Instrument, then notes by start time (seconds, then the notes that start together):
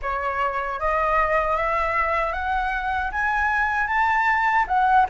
flute
0.01 C#5
0.79 D#5
1.56 E5
2.32 F#5
3.11 G#5
3.87 A5
4.67 F#5